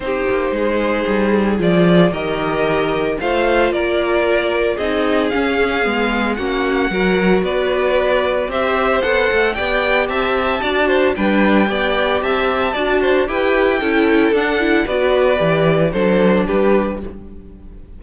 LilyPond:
<<
  \new Staff \with { instrumentName = "violin" } { \time 4/4 \tempo 4 = 113 c''2. d''4 | dis''2 f''4 d''4~ | d''4 dis''4 f''2 | fis''2 d''2 |
e''4 fis''4 g''4 a''4~ | a''4 g''2 a''4~ | a''4 g''2 fis''4 | d''2 c''4 b'4 | }
  \new Staff \with { instrumentName = "violin" } { \time 4/4 g'4 gis'2. | ais'2 c''4 ais'4~ | ais'4 gis'2. | fis'4 ais'4 b'2 |
c''2 d''4 e''4 | d''8 c''8 b'4 d''4 e''4 | d''8 c''8 b'4 a'2 | b'2 a'4 g'4 | }
  \new Staff \with { instrumentName = "viola" } { \time 4/4 dis'2. f'4 | g'2 f'2~ | f'4 dis'4 cis'4 b4 | cis'4 fis'2. |
g'4 a'4 g'2 | fis'4 d'4 g'2 | fis'4 g'4 e'4 d'8 e'8 | fis'4 g'4 d'2 | }
  \new Staff \with { instrumentName = "cello" } { \time 4/4 c'8 ais8 gis4 g4 f4 | dis2 a4 ais4~ | ais4 c'4 cis'4 gis4 | ais4 fis4 b2 |
c'4 b8 a8 b4 c'4 | d'4 g4 b4 c'4 | d'4 e'4 cis'4 d'4 | b4 e4 fis4 g4 | }
>>